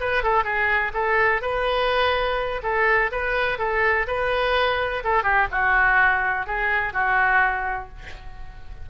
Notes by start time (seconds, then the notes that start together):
0.00 B4
0.23 A4
0.44 G#4
0.94 A4
1.42 B4
2.63 A4
3.12 B4
3.58 A4
4.07 B4
5.04 A4
5.23 G4
5.52 F#4
6.47 G#4
6.93 F#4